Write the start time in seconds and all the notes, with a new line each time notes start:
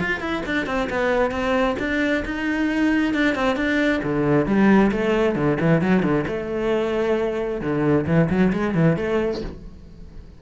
0.00 F4
0.20 E4
0.46 D4
0.66 C4
0.90 B3
1.31 C4
1.79 D4
2.25 D#4
3.14 D4
3.35 C4
3.56 D4
4.03 D3
4.46 G3
4.91 A3
5.35 D3
5.61 E3
5.81 F#3
6.03 D3
6.27 A3
7.61 D3
8.07 E3
8.30 F#3
8.53 G#3
8.75 E3
8.97 A3